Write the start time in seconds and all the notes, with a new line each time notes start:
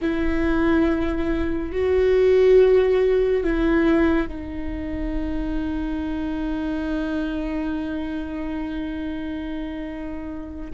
0.01 E4
1.71 F#4
3.43 E4
4.27 D#4